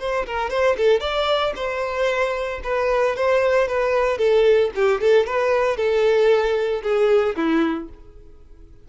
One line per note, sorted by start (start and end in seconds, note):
0.00 0.26 C5
0.26 0.50 A#4
0.50 0.77 C5
0.78 1.01 A4
1.01 1.53 D5
1.56 2.61 C5
2.64 3.16 B4
3.16 3.68 C5
3.68 4.18 B4
4.18 4.71 A4
4.75 5.01 G4
5.01 5.27 A4
5.27 5.77 B4
5.77 6.82 A4
6.83 7.36 G#4
7.36 7.89 E4